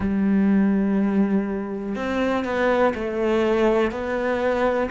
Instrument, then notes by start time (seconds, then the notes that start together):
cello
0.00 G3
1.95 C4
2.44 B3
2.94 A3
3.91 B3